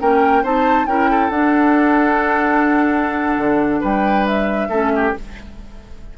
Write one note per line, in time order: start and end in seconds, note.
0.00 0.44 A#3
0.00 0.44 C#4
0.00 0.43 A#4
0.00 0.45 G5
0.43 0.87 C4
0.43 0.88 D#4
0.43 0.87 C5
0.43 0.87 A5
0.87 1.30 C#4
0.87 1.31 E4
0.87 1.10 A#4
0.87 1.31 G5
1.10 3.81 A4
1.30 3.37 D4
1.30 4.71 D4
1.30 3.82 F#5
3.37 3.81 D3
3.81 4.69 G3
3.81 4.68 B4
3.81 4.27 G5
4.27 5.14 E5
4.69 5.13 A3
4.69 5.15 C#4
4.69 4.91 A4
4.96 5.18 G4